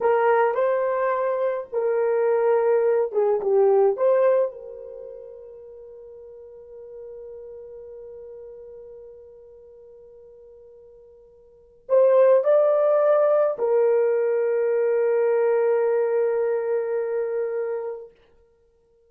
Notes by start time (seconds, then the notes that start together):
0.00 A#4
0.54 C5
1.72 A#4
3.12 G#4
3.41 G4
3.96 C5
4.51 A#4
11.88 C5
12.43 D5
13.58 A#4